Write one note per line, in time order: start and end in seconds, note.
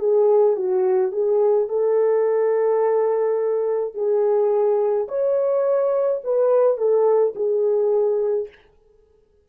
0.00 0.57 G#4
0.57 1.13 F#4
1.13 1.69 G#4
1.69 3.95 A4
3.95 5.08 G#4
5.09 6.22 C#5
6.24 6.78 B4
6.78 7.34 A4
7.36 8.49 G#4